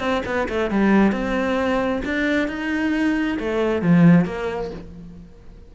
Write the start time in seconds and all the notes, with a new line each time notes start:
0.00 C4
0.26 B3
0.49 A3
0.71 G3
1.12 C4
2.05 D4
2.48 D#4
3.40 A3
3.82 F3
4.26 A#3